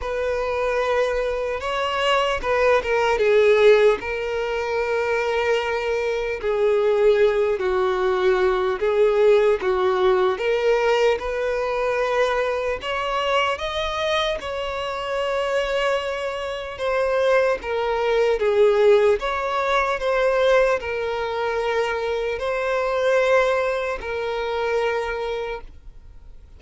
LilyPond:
\new Staff \with { instrumentName = "violin" } { \time 4/4 \tempo 4 = 75 b'2 cis''4 b'8 ais'8 | gis'4 ais'2. | gis'4. fis'4. gis'4 | fis'4 ais'4 b'2 |
cis''4 dis''4 cis''2~ | cis''4 c''4 ais'4 gis'4 | cis''4 c''4 ais'2 | c''2 ais'2 | }